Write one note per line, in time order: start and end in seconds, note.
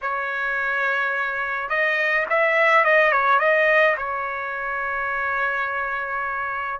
0.01 1.69 C#5
1.69 2.26 D#5
2.29 2.84 E5
2.84 3.12 D#5
3.12 3.39 C#5
3.39 3.95 D#5
3.97 6.80 C#5